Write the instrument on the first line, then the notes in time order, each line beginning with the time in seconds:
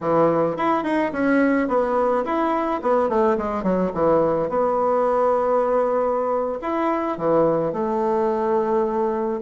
bassoon
0.00 E3
0.57 E4
0.83 D#4
1.12 C#4
1.68 B3
2.24 E4
2.82 B3
3.09 A3
3.37 G#3
3.63 F#3
3.94 E3
4.49 B3
6.61 E4
7.17 E3
7.72 A3